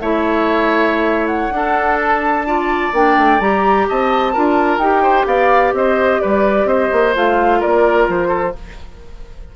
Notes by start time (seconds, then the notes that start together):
0.00 A3 E4 C#5 E5
1.27 F#5
1.50 D4 A4
2.00 A5
2.46 F4 D5
2.93 A#3 D4 G5
3.17 A3
3.40 G3 G4 A#5
3.88 C4 D#5 A5
4.33 D4 F4 A#4
4.78 D#4 G4 G5
5.03 C5
5.26 B3 D5 F5
5.73 C4 C5 D#5
6.21 G3 B4 D5
6.65 C4 C5 D#5
6.92 A#3
7.15 A3 F4 F5
7.60 A#3 A#4 D5
8.08 F3 C5
8.28 A4